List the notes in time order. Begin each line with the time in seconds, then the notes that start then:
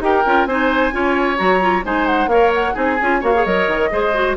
0.00 D#4 G4 A#4 G5
0.25 C#4 F4
0.45 C4 D#4 C5 G#5
0.91 C#4 F4 C#5
1.37 F#3 F#4 A#5
1.60 F4
1.83 G#3 D#4 C5 G#5
2.06 F#5
2.26 A#3 A#4 C#5 F5
2.54 F#5
2.73 C4 D#4 G#4 G#5
3.01 C#4 F4
3.20 A#3 F#4 C#5 F5
3.34 G#4
3.45 F#3 A#4 D#5
3.67 D#3
3.90 G#3 G#4 C5
4.13 F#4